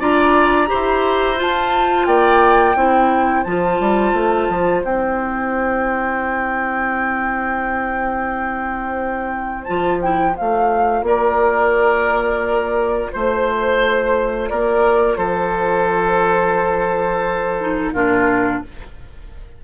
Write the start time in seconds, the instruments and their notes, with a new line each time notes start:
0.00 bassoon D4, clarinet F4, oboe D5, flute A#5
0.67 clarinet G4, oboe C5
0.74 bassoon E4
1.37 clarinet F4, bassoon F4, flute A5
2.06 bassoon A#3, oboe D5, flute G5
2.75 bassoon C4, clarinet E4, oboe C5
3.44 bassoon F3, clarinet F4, flute A5
3.80 bassoon G3
4.13 bassoon A3
4.49 bassoon F3
4.84 bassoon C4, clarinet E4, flute G5
9.64 bassoon F3, clarinet F4, flute A5
10.02 clarinet E4, flute G5
10.31 clarinet F4, flute F5
10.41 bassoon A3
11.02 bassoon A#3, oboe A#4, flute D5
13.13 bassoon A3, oboe C5, flute C5
14.49 bassoon A#3, oboe A#4, flute D5
15.17 bassoon F3, oboe A4, flute C5
17.61 clarinet D#4
17.93 bassoon A#2, clarinet D4, oboe F4, flute A#4